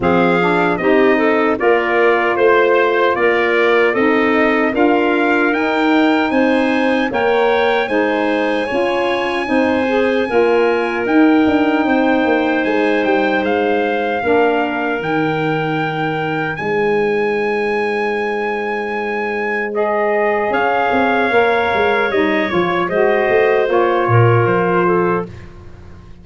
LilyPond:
<<
  \new Staff \with { instrumentName = "trumpet" } { \time 4/4 \tempo 4 = 76 f''4 dis''4 d''4 c''4 | d''4 dis''4 f''4 g''4 | gis''4 g''4 gis''2~ | gis''2 g''2 |
gis''8 g''8 f''2 g''4~ | g''4 gis''2.~ | gis''4 dis''4 f''2 | dis''8 cis''8 dis''4 cis''4 c''4 | }
  \new Staff \with { instrumentName = "clarinet" } { \time 4/4 gis'4 g'8 a'8 ais'4 c''4 | ais'4 a'4 ais'2 | c''4 cis''4 c''4 cis''4 | c''4 ais'2 c''4~ |
c''2 ais'2~ | ais'4 c''2.~ | c''2 cis''2~ | cis''4 c''4. ais'4 a'8 | }
  \new Staff \with { instrumentName = "saxophone" } { \time 4/4 c'8 d'8 dis'4 f'2~ | f'4 dis'4 f'4 dis'4~ | dis'4 ais'4 dis'4 f'4 | dis'8 gis'8 f'4 dis'2~ |
dis'2 d'4 dis'4~ | dis'1~ | dis'4 gis'2 ais'4 | dis'8 f'8 fis'4 f'2 | }
  \new Staff \with { instrumentName = "tuba" } { \time 4/4 f4 c'4 ais4 a4 | ais4 c'4 d'4 dis'4 | c'4 ais4 gis4 cis'4 | c'4 ais4 dis'8 d'8 c'8 ais8 |
gis8 g8 gis4 ais4 dis4~ | dis4 gis2.~ | gis2 cis'8 c'8 ais8 gis8 | g8 f8 gis8 a8 ais8 ais,8 f4 | }
>>